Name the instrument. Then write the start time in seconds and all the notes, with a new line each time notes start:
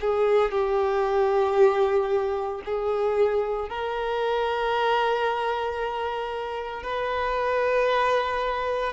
violin
0.00 G#4
0.51 G4
2.65 G#4
3.69 A#4
6.83 B4